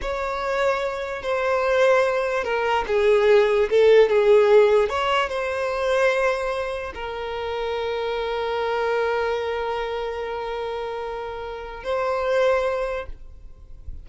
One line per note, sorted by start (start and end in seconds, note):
0.01 1.22 C#5
1.22 2.44 C5
2.44 2.84 A#4
2.87 3.69 G#4
3.70 4.09 A4
4.09 4.89 G#4
4.89 5.29 C#5
5.29 6.92 C5
6.94 11.83 A#4
11.83 13.06 C5